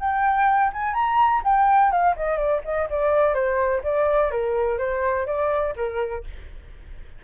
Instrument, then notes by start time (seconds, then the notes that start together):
flute
0.00 G5
0.73 G#5
0.94 A#5
1.44 G5
1.92 F5
2.16 D#5
2.37 D5
2.65 D#5
2.90 D5
3.34 C5
3.84 D5
4.31 A#4
4.78 C5
5.26 D5
5.76 A#4